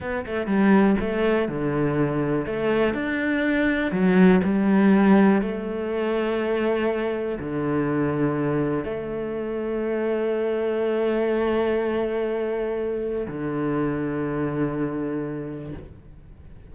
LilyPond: \new Staff \with { instrumentName = "cello" } { \time 4/4 \tempo 4 = 122 b8 a8 g4 a4 d4~ | d4 a4 d'2 | fis4 g2 a4~ | a2. d4~ |
d2 a2~ | a1~ | a2. d4~ | d1 | }